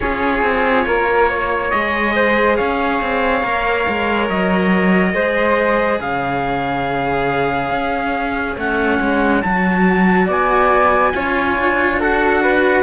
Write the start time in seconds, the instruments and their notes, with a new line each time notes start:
0.00 cello C#4 F4, flute G#4, trumpet C#5
0.42 cello C4
0.86 cello A#3, flute A#4
1.29 flute C#5
1.70 cello G#3 G#4, trumpet D#5
2.15 flute C5
2.56 cello C#4, flute C#5, trumpet F5
3.01 cello C4
3.42 cello A#3 A#4
3.88 cello G#3
4.29 cello F#3, trumpet D#5
5.13 cello G#3 G#4, flute C5
6.00 cello C#3, flute C#5, trumpet F5
7.70 cello C#4
8.56 cello A3 C#4, trumpet F#5
9.01 cello G#3
9.42 cello F#3 F#4, trumpet A5
10.26 cello B3, flute D5, trumpet G#5
11.14 cello C#4 F4, flute C#5
11.58 cello D4
11.99 cello F#4, flute A4, trumpet F#5
12.42 flute B4